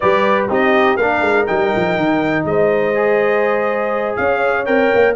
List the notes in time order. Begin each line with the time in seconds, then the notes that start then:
0.00 G3 G4 B4 D5
0.48 C4 D#4 G4 D#5
0.96 A#3 D4 A#4 F5
1.21 G#3
1.47 G3 D#4 G5
1.76 F3
1.97 D#3
2.44 G#3 C5 D#5
2.94 G#4
4.16 C#4 C#5 F5
4.65 C4 A#4 G5
4.94 A#3